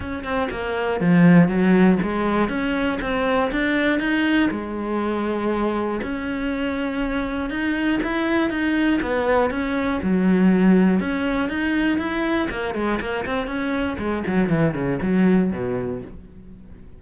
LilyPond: \new Staff \with { instrumentName = "cello" } { \time 4/4 \tempo 4 = 120 cis'8 c'8 ais4 f4 fis4 | gis4 cis'4 c'4 d'4 | dis'4 gis2. | cis'2. dis'4 |
e'4 dis'4 b4 cis'4 | fis2 cis'4 dis'4 | e'4 ais8 gis8 ais8 c'8 cis'4 | gis8 fis8 e8 cis8 fis4 b,4 | }